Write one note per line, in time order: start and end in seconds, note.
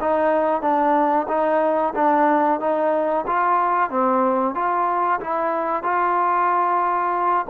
0.00 0.61 D#4
0.61 1.27 D4
1.28 1.93 D#4
1.94 2.60 D4
2.60 3.25 D#4
3.27 3.90 F4
3.90 4.55 C4
4.55 5.20 F4
5.20 5.83 E4
5.83 7.46 F4